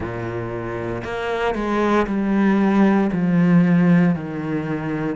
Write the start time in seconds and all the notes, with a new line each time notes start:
0.00 A#2
1.03 A#3
1.54 G#3
2.06 G3
3.12 F3
4.15 D#3